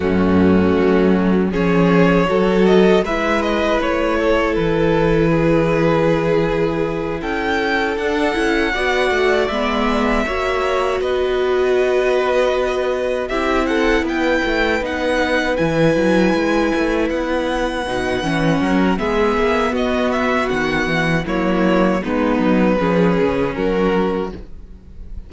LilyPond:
<<
  \new Staff \with { instrumentName = "violin" } { \time 4/4 \tempo 4 = 79 fis'2 cis''4. dis''8 | e''8 dis''8 cis''4 b'2~ | b'4. g''4 fis''4.~ | fis''8 e''2 dis''4.~ |
dis''4. e''8 fis''8 g''4 fis''8~ | fis''8 gis''2 fis''4.~ | fis''4 e''4 dis''8 e''8 fis''4 | cis''4 b'2 ais'4 | }
  \new Staff \with { instrumentName = "violin" } { \time 4/4 cis'2 gis'4 a'4 | b'4. a'4. gis'4~ | gis'4. a'2 d''8~ | d''4. cis''4 b'4.~ |
b'4. g'8 a'8 b'4.~ | b'1~ | b'8 ais'8 gis'4 fis'2 | e'4 dis'4 gis'4 fis'4 | }
  \new Staff \with { instrumentName = "viola" } { \time 4/4 a2 cis'4 fis'4 | e'1~ | e'2~ e'8 d'8 e'8 fis'8~ | fis'8 b4 fis'2~ fis'8~ |
fis'4. e'2 dis'8~ | dis'8 e'2. dis'8 | cis'4 b2. | ais4 b4 cis'2 | }
  \new Staff \with { instrumentName = "cello" } { \time 4/4 fis,4 fis4 f4 fis4 | gis4 a4 e2~ | e4. cis'4 d'8 cis'8 b8 | a8 gis4 ais4 b4.~ |
b4. c'4 b8 a8 b8~ | b8 e8 fis8 gis8 a8 b4 b,8 | e8 fis8 gis8 ais8 b4 dis8 e8 | fis4 gis8 fis8 f8 cis8 fis4 | }
>>